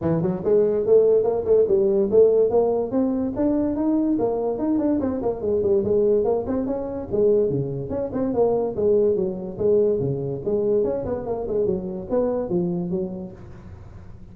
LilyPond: \new Staff \with { instrumentName = "tuba" } { \time 4/4 \tempo 4 = 144 e8 fis8 gis4 a4 ais8 a8 | g4 a4 ais4 c'4 | d'4 dis'4 ais4 dis'8 d'8 | c'8 ais8 gis8 g8 gis4 ais8 c'8 |
cis'4 gis4 cis4 cis'8 c'8 | ais4 gis4 fis4 gis4 | cis4 gis4 cis'8 b8 ais8 gis8 | fis4 b4 f4 fis4 | }